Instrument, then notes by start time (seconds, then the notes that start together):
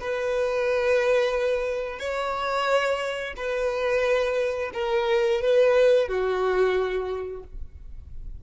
violin
0.00 B4
1.99 C#5
3.36 B4
4.74 A#4
5.41 B4
6.08 F#4